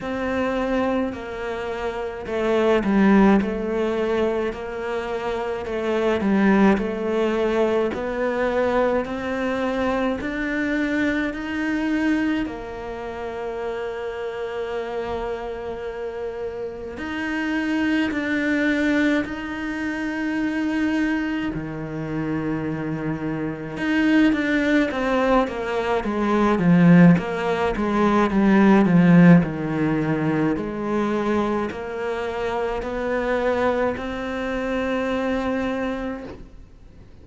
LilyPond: \new Staff \with { instrumentName = "cello" } { \time 4/4 \tempo 4 = 53 c'4 ais4 a8 g8 a4 | ais4 a8 g8 a4 b4 | c'4 d'4 dis'4 ais4~ | ais2. dis'4 |
d'4 dis'2 dis4~ | dis4 dis'8 d'8 c'8 ais8 gis8 f8 | ais8 gis8 g8 f8 dis4 gis4 | ais4 b4 c'2 | }